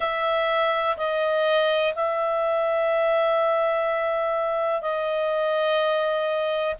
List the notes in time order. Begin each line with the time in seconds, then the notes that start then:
0.00 E5
0.97 D#5
1.95 E5
4.81 D#5